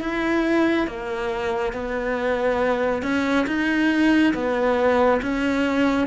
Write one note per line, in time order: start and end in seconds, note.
0.00 0.87 E4
0.87 1.72 A#3
1.72 3.02 B3
3.02 3.46 C#4
3.46 4.33 D#4
4.34 5.21 B3
5.22 6.07 C#4